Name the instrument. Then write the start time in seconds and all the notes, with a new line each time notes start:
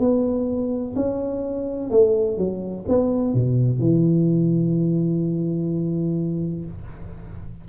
tuba
0.00 B3
0.96 C#4
1.91 A3
2.38 F#3
2.89 B3
3.34 B2
3.80 E3